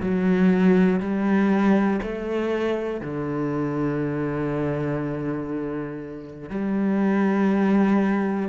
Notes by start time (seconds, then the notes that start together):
0.00 F#3
1.00 G3
2.02 A3
3.00 D3
6.50 G3